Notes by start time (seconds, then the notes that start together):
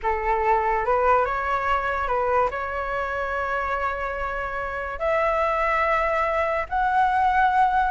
0.02 A4
0.85 B4
1.25 C#5
2.07 B4
2.51 C#5
4.99 E5
6.69 F#5